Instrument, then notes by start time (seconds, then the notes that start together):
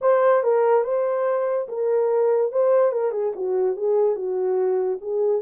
horn
0.01 C5
0.43 A#4
0.84 C5
1.68 A#4
2.52 C5
2.92 A#4
3.11 G#4
3.35 F#4
3.76 G#4
4.15 F#4
5.01 G#4